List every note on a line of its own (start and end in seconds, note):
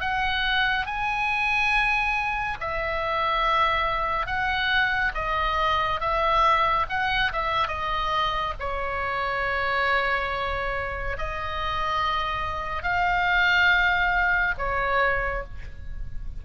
0.00 0.86 F#5
0.86 2.57 G#5
2.60 4.26 E5
4.26 5.12 F#5
5.14 6.00 D#5
6.00 6.86 E5
6.89 7.32 F#5
7.32 7.67 E5
7.67 8.53 D#5
8.59 11.16 C#5
11.17 12.83 D#5
12.83 14.54 F5
14.58 15.43 C#5